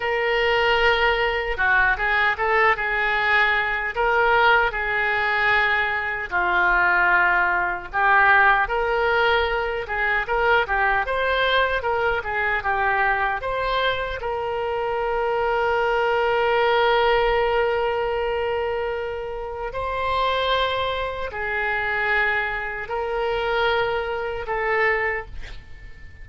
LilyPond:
\new Staff \with { instrumentName = "oboe" } { \time 4/4 \tempo 4 = 76 ais'2 fis'8 gis'8 a'8 gis'8~ | gis'4 ais'4 gis'2 | f'2 g'4 ais'4~ | ais'8 gis'8 ais'8 g'8 c''4 ais'8 gis'8 |
g'4 c''4 ais'2~ | ais'1~ | ais'4 c''2 gis'4~ | gis'4 ais'2 a'4 | }